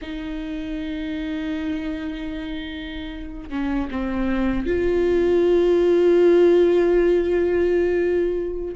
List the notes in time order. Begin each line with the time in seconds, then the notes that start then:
0.01 D#4
3.49 C#4
3.90 C4
4.66 F4